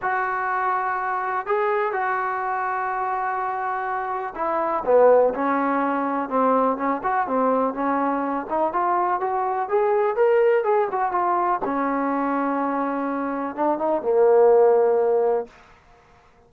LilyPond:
\new Staff \with { instrumentName = "trombone" } { \time 4/4 \tempo 4 = 124 fis'2. gis'4 | fis'1~ | fis'4 e'4 b4 cis'4~ | cis'4 c'4 cis'8 fis'8 c'4 |
cis'4. dis'8 f'4 fis'4 | gis'4 ais'4 gis'8 fis'8 f'4 | cis'1 | d'8 dis'8 ais2. | }